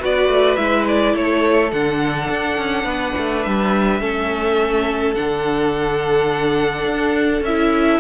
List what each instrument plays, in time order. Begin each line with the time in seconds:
0.00 cello B3, viola F#4, violin B4 D5
0.28 cello A3
0.56 cello G#3, viola E4, violin E5
0.88 violin D5
1.14 cello A3, violin A4 C#5
1.72 cello D3, viola D4, violin F#5
2.30 cello D4
2.58 cello C#4
2.84 cello B3, violin B4
3.17 cello A3
3.42 cello G3, violin E5
4.00 cello A3, viola C#4, violin A4
5.14 cello D3, viola D4, violin F#5
6.85 cello D4
7.41 cello C#4, violin E5
7.48 viola E4